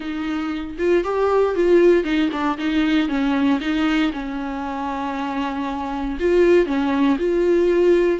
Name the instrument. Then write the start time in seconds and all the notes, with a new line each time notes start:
viola
0.00 D#4
0.78 F4
1.03 G4
1.55 F4
2.04 D#4
2.31 D4
2.58 D#4
3.08 C#4
3.60 D#4
4.12 C#4
6.19 F4
6.66 C#4
7.18 F4